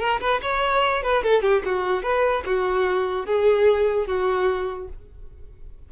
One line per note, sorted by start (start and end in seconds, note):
0.00 0.20 A#4
0.21 0.41 B4
0.42 1.03 C#5
1.03 1.23 B4
1.23 1.42 A4
1.42 1.63 G4
1.65 2.03 F#4
2.03 2.44 B4
2.46 3.26 F#4
3.26 4.07 G#4
4.07 4.89 F#4